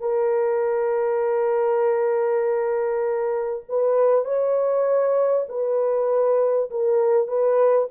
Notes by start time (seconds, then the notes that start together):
0.00 A#4
3.69 B4
4.25 C#5
5.49 B4
6.71 A#4
7.28 B4